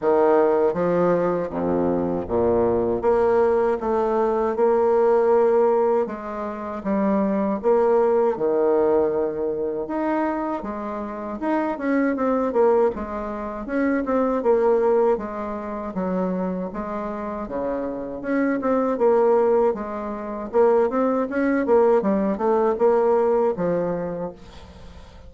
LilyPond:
\new Staff \with { instrumentName = "bassoon" } { \time 4/4 \tempo 4 = 79 dis4 f4 f,4 ais,4 | ais4 a4 ais2 | gis4 g4 ais4 dis4~ | dis4 dis'4 gis4 dis'8 cis'8 |
c'8 ais8 gis4 cis'8 c'8 ais4 | gis4 fis4 gis4 cis4 | cis'8 c'8 ais4 gis4 ais8 c'8 | cis'8 ais8 g8 a8 ais4 f4 | }